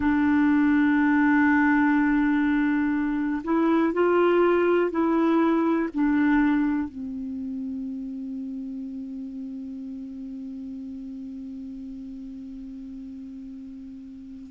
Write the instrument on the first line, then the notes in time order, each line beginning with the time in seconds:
clarinet
0.00 D4
3.43 E4
3.93 F4
4.90 E4
5.93 D4
6.89 C4